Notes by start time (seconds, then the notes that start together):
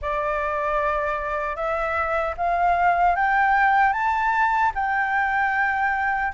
0.01 D5
1.55 E5
2.37 F5
3.15 G5
3.93 A5
4.74 G5